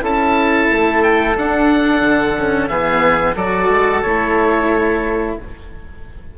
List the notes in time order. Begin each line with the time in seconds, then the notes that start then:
0.00 C#4 E4 A4 A5
0.70 A3
1.03 G5
1.37 D4 F#5
2.00 D3
2.38 C#4
2.67 E3 B3 G#4 E5
3.35 F#3 F#4 A4 D5
3.68 G#3
4.02 A3 E4 C#5